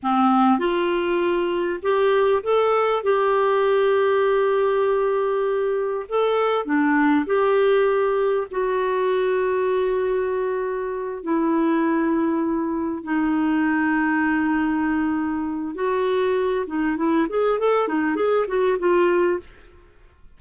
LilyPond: \new Staff \with { instrumentName = "clarinet" } { \time 4/4 \tempo 4 = 99 c'4 f'2 g'4 | a'4 g'2.~ | g'2 a'4 d'4 | g'2 fis'2~ |
fis'2~ fis'8 e'4.~ | e'4. dis'2~ dis'8~ | dis'2 fis'4. dis'8 | e'8 gis'8 a'8 dis'8 gis'8 fis'8 f'4 | }